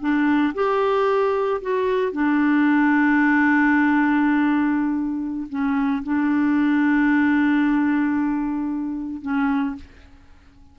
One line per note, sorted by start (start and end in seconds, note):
0.00 0.54 D4
0.54 1.61 G4
1.61 2.12 F#4
2.12 5.47 D4
5.49 6.03 C#4
6.04 9.22 D4
9.22 9.75 C#4